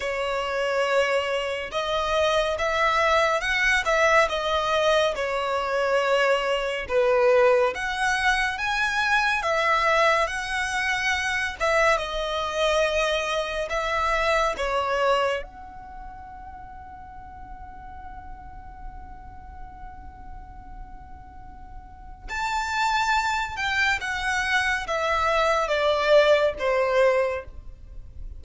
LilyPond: \new Staff \with { instrumentName = "violin" } { \time 4/4 \tempo 4 = 70 cis''2 dis''4 e''4 | fis''8 e''8 dis''4 cis''2 | b'4 fis''4 gis''4 e''4 | fis''4. e''8 dis''2 |
e''4 cis''4 fis''2~ | fis''1~ | fis''2 a''4. g''8 | fis''4 e''4 d''4 c''4 | }